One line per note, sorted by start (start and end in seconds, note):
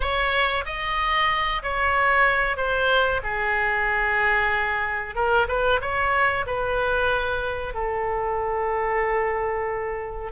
0.00 0.64 C#5
0.65 1.62 D#5
1.62 2.56 C#5
2.56 3.21 C5
3.23 5.15 G#4
5.15 5.47 A#4
5.48 5.80 B4
5.81 6.45 C#5
6.46 7.74 B4
7.74 10.31 A4